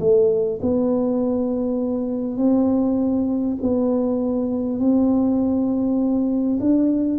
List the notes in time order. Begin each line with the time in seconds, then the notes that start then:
0.00 A3
0.62 B3
2.37 C4
3.62 B3
4.79 C4
6.61 D4